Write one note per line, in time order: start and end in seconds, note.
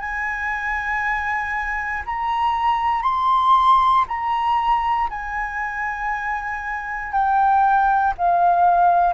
0.00 2.03 G#5
2.06 3.03 A#5
3.03 4.05 C6
4.08 5.10 A#5
5.10 7.12 G#5
7.12 8.14 G5
8.18 9.14 F5